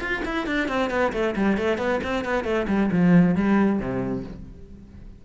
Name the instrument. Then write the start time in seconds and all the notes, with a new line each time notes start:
cello
0.00 F4
0.25 E4
0.46 D4
0.68 C4
0.90 B3
1.12 A3
1.36 G3
1.57 A3
1.77 B3
2.03 C4
2.24 B3
2.44 A3
2.68 G3
2.91 F3
3.35 G3
3.79 C3